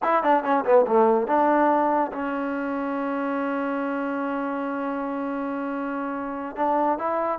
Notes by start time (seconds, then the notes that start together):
0.02 E4
0.23 D4
0.43 C#4
0.64 B3
0.87 A3
1.27 D4
2.12 C#4
6.56 D4
6.98 E4